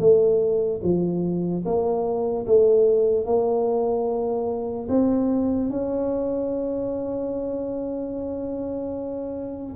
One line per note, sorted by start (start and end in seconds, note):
0.00 0.81 A3
0.84 1.65 F3
1.65 2.47 A#3
2.47 3.26 A3
3.26 4.88 A#3
4.89 5.71 C4
5.71 9.76 C#4